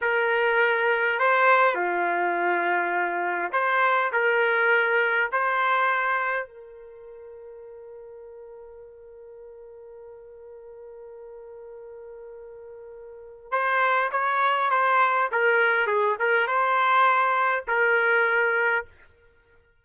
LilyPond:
\new Staff \with { instrumentName = "trumpet" } { \time 4/4 \tempo 4 = 102 ais'2 c''4 f'4~ | f'2 c''4 ais'4~ | ais'4 c''2 ais'4~ | ais'1~ |
ais'1~ | ais'2. c''4 | cis''4 c''4 ais'4 gis'8 ais'8 | c''2 ais'2 | }